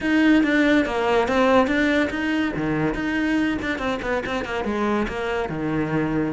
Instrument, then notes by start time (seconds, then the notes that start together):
cello
0.00 D#4
0.43 D4
0.85 A#3
1.28 C4
1.67 D4
2.10 D#4
2.56 D#3
2.94 D#4
3.62 D4
3.78 C4
4.02 B3
4.25 C4
4.44 A#3
4.64 G#3
5.07 A#3
5.49 D#3